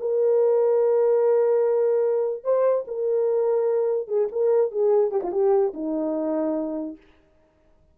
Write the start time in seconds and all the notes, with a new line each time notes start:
0.00 A#4
2.44 C5
2.87 A#4
4.08 G#4
4.32 A#4
4.72 G#4
5.11 G4
5.23 F4
5.32 G4
5.74 D#4